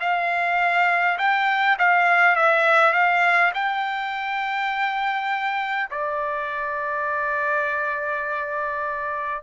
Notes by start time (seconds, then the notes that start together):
0.00 F5
1.18 G5
1.79 F5
2.35 E5
2.93 F5
3.54 G5
5.90 D5